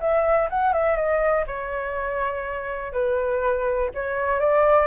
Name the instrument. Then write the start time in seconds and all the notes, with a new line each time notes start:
flute
0.00 E5
0.50 F#5
0.73 E5
0.96 D#5
1.47 C#5
2.92 B4
3.94 C#5
4.40 D5